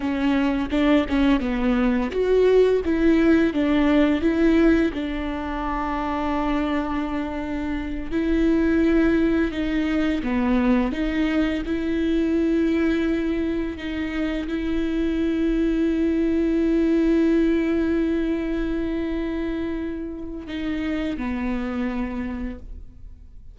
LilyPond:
\new Staff \with { instrumentName = "viola" } { \time 4/4 \tempo 4 = 85 cis'4 d'8 cis'8 b4 fis'4 | e'4 d'4 e'4 d'4~ | d'2.~ d'8 e'8~ | e'4. dis'4 b4 dis'8~ |
dis'8 e'2. dis'8~ | dis'8 e'2.~ e'8~ | e'1~ | e'4 dis'4 b2 | }